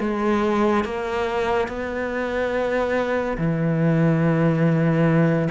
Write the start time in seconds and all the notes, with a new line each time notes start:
0.00 G#3
0.85 A#3
1.68 B3
3.38 E3